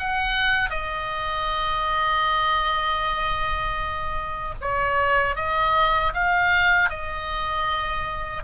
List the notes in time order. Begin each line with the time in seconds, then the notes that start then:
0.00 F#5
0.70 D#5
4.62 C#5
5.36 D#5
6.14 F5
6.90 D#5